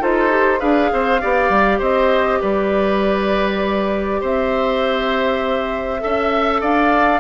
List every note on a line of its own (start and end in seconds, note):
0.00 0.62 D#4
0.00 0.30 F4
0.00 0.59 A4
0.00 0.60 C5
0.30 0.59 G4
0.59 0.92 D4
0.59 1.19 G#4
0.59 0.89 B4
0.59 1.80 F5
0.92 1.22 C4
0.92 1.21 C5
1.21 1.50 B3
1.21 6.00 G4
1.21 1.79 D5
1.50 1.79 G3
1.79 2.41 C4
1.79 2.39 C5
1.79 2.42 D#5
2.41 4.22 G3
2.41 4.20 B4
2.41 4.22 D5
4.20 6.02 C4
4.20 6.00 C5
4.20 6.62 E5
6.00 6.62 C#4
6.00 7.20 A4
6.00 6.61 E5
6.61 7.20 D4
6.61 7.20 D5
6.61 7.20 F5